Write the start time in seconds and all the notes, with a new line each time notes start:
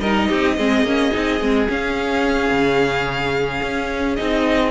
0.00 G3 D#4 A#4 D#5
0.29 C4 G4
0.57 G#3 C4 G#4
0.83 A#3 C#4
1.12 C4 D#4
1.41 G#3 C4
1.69 C#4 F5
2.50 C#3
3.63 C#4
4.16 C4 D#4 D#5